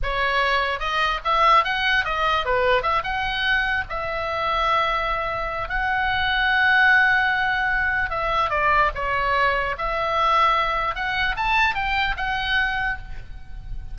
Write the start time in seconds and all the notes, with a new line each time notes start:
0.02 C#5
0.79 D#5
1.24 E5
1.64 F#5
2.05 D#5
2.45 B4
2.82 E5
3.03 F#5
3.89 E5
5.68 F#5
8.10 E5
8.50 D5
8.94 C#5
9.78 E5
10.95 F#5
11.36 A5
11.75 G5
12.16 F#5